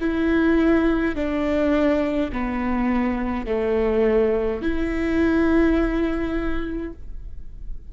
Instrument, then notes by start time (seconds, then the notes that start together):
viola
0.00 E4
1.15 D4
2.32 B3
3.46 A3
4.62 E4